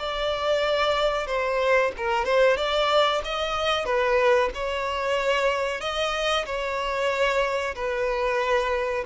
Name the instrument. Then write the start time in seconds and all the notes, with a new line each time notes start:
violin
0.00 D5
1.28 C5
1.98 A#4
2.26 C5
2.57 D5
3.25 D#5
3.86 B4
4.55 C#5
5.82 D#5
6.46 C#5
7.76 B4